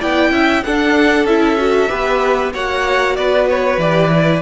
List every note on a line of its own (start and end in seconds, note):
0.00 0.31 B3
0.00 0.64 E4
0.00 0.32 D5
0.00 0.64 G5
0.31 0.62 C#4
0.31 0.64 E5
0.64 1.25 D4
0.64 1.28 D4
0.64 1.90 A4
0.64 1.26 F#5
1.25 1.88 C#4
1.25 1.57 E4
1.25 2.53 E5
1.57 1.89 F#4
1.89 2.55 B3
1.89 2.52 G4
1.89 2.53 B4
2.54 3.18 A#3
2.54 3.80 F#4
2.54 3.17 C#5
2.54 3.16 F#5
3.16 3.78 B3
3.16 4.42 B4
3.16 3.48 D5
3.49 3.81 C#5
3.78 4.41 E3
3.78 4.12 G4
3.78 4.42 D5
4.14 4.42 E4